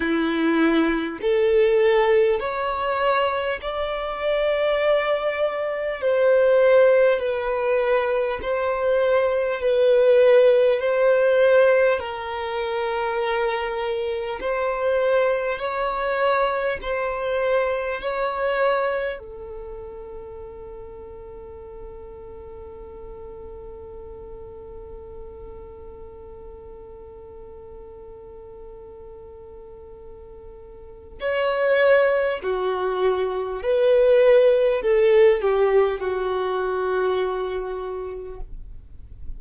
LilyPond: \new Staff \with { instrumentName = "violin" } { \time 4/4 \tempo 4 = 50 e'4 a'4 cis''4 d''4~ | d''4 c''4 b'4 c''4 | b'4 c''4 ais'2 | c''4 cis''4 c''4 cis''4 |
a'1~ | a'1~ | a'2 cis''4 fis'4 | b'4 a'8 g'8 fis'2 | }